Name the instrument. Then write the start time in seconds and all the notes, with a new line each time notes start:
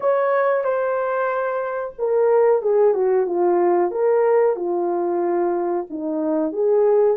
horn
0.00 C#5
0.63 C5
1.98 A#4
2.62 G#4
2.93 F#4
3.26 F4
3.91 A#4
4.56 F4
5.90 D#4
6.52 G#4